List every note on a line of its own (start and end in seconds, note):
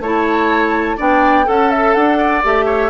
0.00 0.97 A3
0.00 0.98 E4
0.00 0.97 C#5
0.00 1.00 A5
0.97 1.48 B3
0.97 1.45 D4
0.97 1.45 D5
0.97 1.49 G5
1.45 1.95 C#4
1.45 2.41 A4
1.45 2.18 A4
1.45 1.71 F#5
1.71 1.94 E5
1.94 2.44 D4
1.94 2.42 F#5
2.18 2.66 D5
2.43 2.90 A3
2.43 2.90 G4
2.43 2.90 E5
2.66 2.90 C#5